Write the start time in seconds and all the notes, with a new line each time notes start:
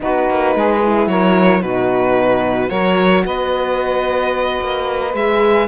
0.00 B3 D#4 F#4 B4
0.29 A#3
0.55 G#3 G#4
0.82 E4
1.06 F#3 A#4 C#5
1.61 B2 D#4 F#4 B4
2.68 F#3 F#4 A#4 C#5
3.25 B3 B4 D#5
4.60 A#3
5.14 G#3 G#4 E5